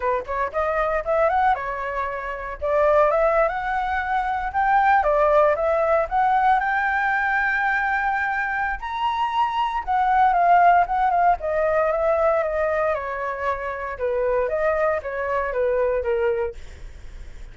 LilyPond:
\new Staff \with { instrumentName = "flute" } { \time 4/4 \tempo 4 = 116 b'8 cis''8 dis''4 e''8 fis''8 cis''4~ | cis''4 d''4 e''8. fis''4~ fis''16~ | fis''8. g''4 d''4 e''4 fis''16~ | fis''8. g''2.~ g''16~ |
g''4 ais''2 fis''4 | f''4 fis''8 f''8 dis''4 e''4 | dis''4 cis''2 b'4 | dis''4 cis''4 b'4 ais'4 | }